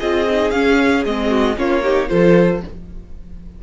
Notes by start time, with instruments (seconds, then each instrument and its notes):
0.00 cello C4, viola F4, violin G#4 D#5
0.29 viola D#4
0.51 cello C#4, viola C#4, violin F5
1.05 cello G#3, viola C4, violin D#5
1.30 violin F#4
1.56 cello A#3, viola C#4, violin F4 C#5
1.83 viola D#4, violin G4
2.09 cello F3, viola F4, violin A4 C5